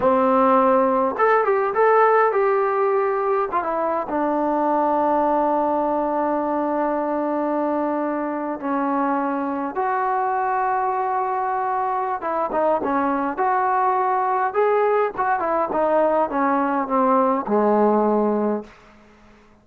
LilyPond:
\new Staff \with { instrumentName = "trombone" } { \time 4/4 \tempo 4 = 103 c'2 a'8 g'8 a'4 | g'2 f'16 e'8. d'4~ | d'1~ | d'2~ d'8. cis'4~ cis'16~ |
cis'8. fis'2.~ fis'16~ | fis'4 e'8 dis'8 cis'4 fis'4~ | fis'4 gis'4 fis'8 e'8 dis'4 | cis'4 c'4 gis2 | }